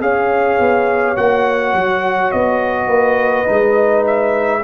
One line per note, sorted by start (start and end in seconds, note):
0.00 0.58 C#4
0.00 1.15 G#4
0.00 2.86 C#5
0.00 1.16 F5
0.59 1.17 B3
1.15 1.73 A#3
1.15 3.45 F#4
1.15 2.31 F#5
1.73 2.31 F#3
2.31 2.87 B3
2.31 4.04 D#5
2.86 3.44 A#3
2.86 4.59 B4
3.45 4.63 G#3
3.45 4.61 D#4
4.06 4.63 E5